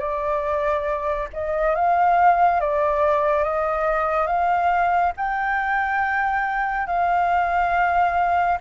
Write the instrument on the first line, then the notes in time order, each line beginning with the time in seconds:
flute
0.00 D5
1.34 D#5
1.76 F5
2.61 D5
3.44 D#5
4.27 F5
5.17 G5
6.87 F5